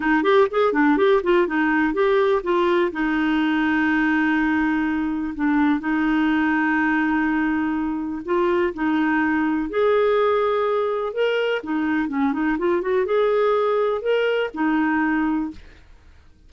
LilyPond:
\new Staff \with { instrumentName = "clarinet" } { \time 4/4 \tempo 4 = 124 dis'8 g'8 gis'8 d'8 g'8 f'8 dis'4 | g'4 f'4 dis'2~ | dis'2. d'4 | dis'1~ |
dis'4 f'4 dis'2 | gis'2. ais'4 | dis'4 cis'8 dis'8 f'8 fis'8 gis'4~ | gis'4 ais'4 dis'2 | }